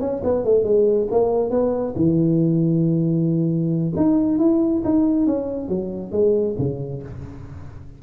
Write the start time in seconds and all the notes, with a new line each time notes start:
0.00 C#4
0.24 B3
0.44 A3
0.64 G#3
1.11 A#3
1.50 B3
1.96 E3
3.96 D#4
4.39 E4
4.84 D#4
5.27 C#4
5.69 F#3
6.12 G#3
6.59 C#3